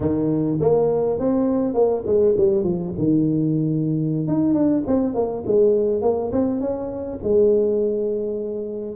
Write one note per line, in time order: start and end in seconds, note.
0.00 0.58 D#3
0.60 1.19 A#3
1.19 1.74 C4
1.74 2.03 A#3
2.06 2.35 G#3
2.37 2.63 G3
2.63 2.93 F3
2.98 4.27 D#3
4.27 4.53 D#4
4.53 4.83 D4
4.87 5.14 C4
5.14 5.43 A#3
5.46 6.01 G#3
6.01 6.31 A#3
6.32 6.60 C4
6.60 7.19 C#4
7.23 8.95 G#3